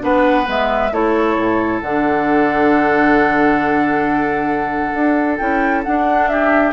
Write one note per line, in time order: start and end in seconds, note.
0.00 0.47 B3
0.00 0.45 D4
0.00 0.93 B4
0.00 0.47 F#5
0.46 0.91 G#3
0.46 0.90 B3
0.46 0.94 E5
0.91 1.36 A3
0.91 1.82 E4
0.91 6.30 A4
0.91 1.80 C#5
1.36 1.81 A2
1.80 4.94 D3
1.80 5.39 D4
1.80 5.37 F#5
4.94 5.39 D4
5.37 5.85 C#4
5.37 5.84 E4
5.37 5.82 G5
5.84 6.73 D4
5.84 6.28 F#5
6.28 6.73 G4
6.28 6.73 E5